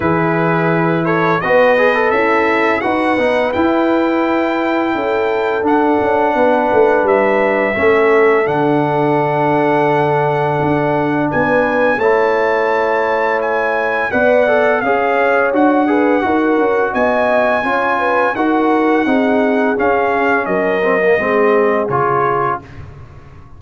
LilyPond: <<
  \new Staff \with { instrumentName = "trumpet" } { \time 4/4 \tempo 4 = 85 b'4. cis''8 dis''4 e''4 | fis''4 g''2. | fis''2 e''2 | fis''1 |
gis''4 a''2 gis''4 | fis''4 f''4 fis''2 | gis''2 fis''2 | f''4 dis''2 cis''4 | }
  \new Staff \with { instrumentName = "horn" } { \time 4/4 gis'4. a'8 b'4 e'4 | b'2. a'4~ | a'4 b'2 a'4~ | a'1 |
b'4 cis''2. | d''4 cis''4. b'8 ais'4 | dis''4 cis''8 b'8 ais'4 gis'4~ | gis'4 ais'4 gis'2 | }
  \new Staff \with { instrumentName = "trombone" } { \time 4/4 e'2 fis'8 gis'16 a'4~ a'16 | fis'8 dis'8 e'2. | d'2. cis'4 | d'1~ |
d'4 e'2. | b'8 a'8 gis'4 fis'8 gis'8 fis'4~ | fis'4 f'4 fis'4 dis'4 | cis'4. c'16 ais16 c'4 f'4 | }
  \new Staff \with { instrumentName = "tuba" } { \time 4/4 e2 b4 cis'4 | dis'8 b8 e'2 cis'4 | d'8 cis'8 b8 a8 g4 a4 | d2. d'4 |
b4 a2. | b4 cis'4 d'4 dis'8 cis'8 | b4 cis'4 dis'4 c'4 | cis'4 fis4 gis4 cis4 | }
>>